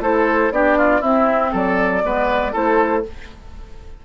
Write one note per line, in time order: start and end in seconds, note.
0.00 0.50 A3
0.00 0.52 E4
0.00 0.53 A4
0.00 0.53 C5
0.51 1.02 B3
0.51 1.02 D4
0.51 0.78 G4
0.51 1.03 D5
0.78 1.01 F4
1.01 2.03 C4
1.01 1.53 C4
1.01 1.51 E4
1.01 1.53 E5
1.52 2.04 F#3
1.52 2.02 A4
1.52 2.55 D5
2.03 2.54 G#3
2.03 2.53 B3
2.03 2.53 B4
2.53 3.05 A3
2.53 3.03 E4
2.53 3.03 A4
2.53 3.05 C5